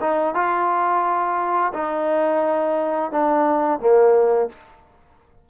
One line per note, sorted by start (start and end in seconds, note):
0.00 0.34 D#4
0.34 1.72 F4
1.73 3.11 D#4
3.11 3.80 D4
3.80 4.49 A#3